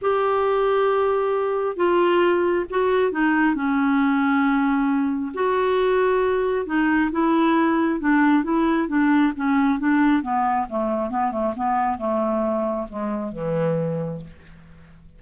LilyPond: \new Staff \with { instrumentName = "clarinet" } { \time 4/4 \tempo 4 = 135 g'1 | f'2 fis'4 dis'4 | cis'1 | fis'2. dis'4 |
e'2 d'4 e'4 | d'4 cis'4 d'4 b4 | a4 b8 a8 b4 a4~ | a4 gis4 e2 | }